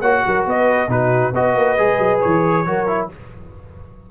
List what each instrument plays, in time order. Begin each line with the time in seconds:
0.00 tuba A#3, trombone F#4, horn C#5, trumpet F#5
0.26 tuba F#3, horn A#4
0.45 tuba B3, horn B4, trumpet D#5
0.88 tuba B2, trombone D#4, horn F#4, trumpet B4
1.33 tuba B3, trombone F#4, horn B4, trumpet D#5
1.55 tuba A#3
1.77 tuba G#3, trombone G#4
1.98 tuba F#3
2.20 tuba E3, trumpet C#5
2.65 tuba F#3, trombone F#4, horn A#4
2.87 trombone E4